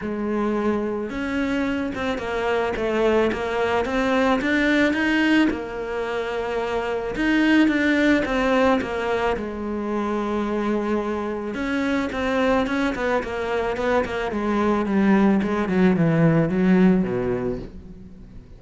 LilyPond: \new Staff \with { instrumentName = "cello" } { \time 4/4 \tempo 4 = 109 gis2 cis'4. c'8 | ais4 a4 ais4 c'4 | d'4 dis'4 ais2~ | ais4 dis'4 d'4 c'4 |
ais4 gis2.~ | gis4 cis'4 c'4 cis'8 b8 | ais4 b8 ais8 gis4 g4 | gis8 fis8 e4 fis4 b,4 | }